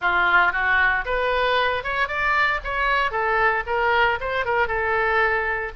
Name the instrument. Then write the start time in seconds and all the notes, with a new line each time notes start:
oboe
0.01 F4
0.52 F#4
1.05 B4
1.83 C#5
2.08 D5
2.63 C#5
3.11 A4
3.66 A#4
4.20 C5
4.45 A#4
4.67 A4